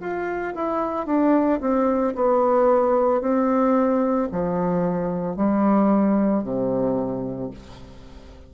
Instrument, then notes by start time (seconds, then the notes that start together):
bassoon
0.00 F4
0.55 E4
1.06 D4
1.61 C4
2.15 B3
3.21 C4
4.32 F3
5.36 G3
6.43 C3